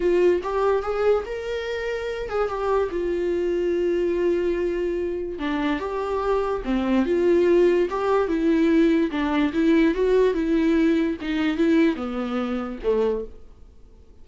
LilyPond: \new Staff \with { instrumentName = "viola" } { \time 4/4 \tempo 4 = 145 f'4 g'4 gis'4 ais'4~ | ais'4. gis'8 g'4 f'4~ | f'1~ | f'4 d'4 g'2 |
c'4 f'2 g'4 | e'2 d'4 e'4 | fis'4 e'2 dis'4 | e'4 b2 a4 | }